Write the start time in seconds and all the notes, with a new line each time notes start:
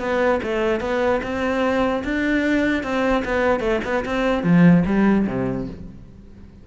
0.00 B3
0.43 A3
0.81 B3
1.23 C4
2.04 D4
2.84 C4
3.25 B3
3.60 A3
3.85 B3
4.06 C4
4.44 F3
4.86 G3
5.27 C3